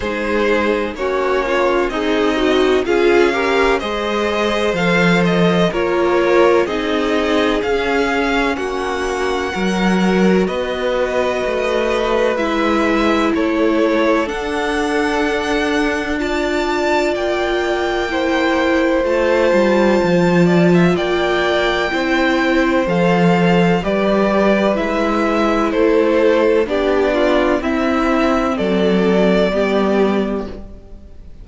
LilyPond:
<<
  \new Staff \with { instrumentName = "violin" } { \time 4/4 \tempo 4 = 63 c''4 cis''4 dis''4 f''4 | dis''4 f''8 dis''8 cis''4 dis''4 | f''4 fis''2 dis''4~ | dis''4 e''4 cis''4 fis''4~ |
fis''4 a''4 g''2 | a''2 g''2 | f''4 d''4 e''4 c''4 | d''4 e''4 d''2 | }
  \new Staff \with { instrumentName = "violin" } { \time 4/4 gis'4 fis'8 f'8 dis'4 gis'8 ais'8 | c''2 ais'4 gis'4~ | gis'4 fis'4 ais'4 b'4~ | b'2 a'2~ |
a'4 d''2 c''4~ | c''4. d''16 e''16 d''4 c''4~ | c''4 b'2 a'4 | g'8 f'8 e'4 a'4 g'4 | }
  \new Staff \with { instrumentName = "viola" } { \time 4/4 dis'4 cis'4 gis'8 fis'8 f'8 g'8 | gis'4 a'4 f'4 dis'4 | cis'2 fis'2~ | fis'4 e'2 d'4~ |
d'4 f'2 e'4 | f'2. e'4 | a'4 g'4 e'2 | d'4 c'2 b4 | }
  \new Staff \with { instrumentName = "cello" } { \time 4/4 gis4 ais4 c'4 cis'4 | gis4 f4 ais4 c'4 | cis'4 ais4 fis4 b4 | a4 gis4 a4 d'4~ |
d'2 ais2 | a8 g8 f4 ais4 c'4 | f4 g4 gis4 a4 | b4 c'4 fis4 g4 | }
>>